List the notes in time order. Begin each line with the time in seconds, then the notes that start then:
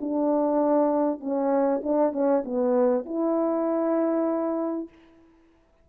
0.00 D4
1.20 C#4
1.83 D4
2.12 C#4
2.45 B3
3.05 E4